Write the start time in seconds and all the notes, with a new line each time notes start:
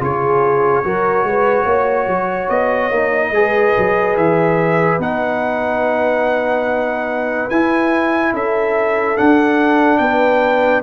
0.00 C#3 F4 G#4 C#5
0.84 F#3 F#4 A#4
1.23 G#3 B4
1.64 A#3 C#5
2.07 F#3
2.49 B3 D#5
2.90 A#3 D#4
3.30 G#3 G#4
3.37 B4
3.78 F#3
4.16 E3 E5
4.99 B3 D#4 F#5
7.49 E4 G#5
8.33 C#4 A4 E5
9.16 D4 F#5
9.98 B3 B4 G5